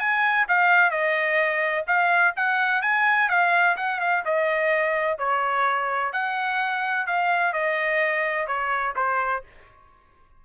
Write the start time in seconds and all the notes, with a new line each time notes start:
0.00 G#5
0.49 F5
0.91 D#5
1.87 F5
2.36 F#5
2.82 G#5
3.29 F5
3.77 F#5
4.01 F5
4.25 D#5
5.19 C#5
6.13 F#5
7.07 F5
7.53 D#5
8.48 C#5
8.96 C5